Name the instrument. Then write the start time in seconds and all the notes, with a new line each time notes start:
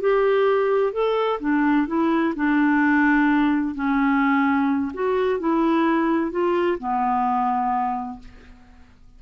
clarinet
0.00 G4
0.92 A4
1.40 D4
1.87 E4
2.35 D4
3.75 C#4
4.93 F#4
5.39 E4
6.31 F4
6.78 B3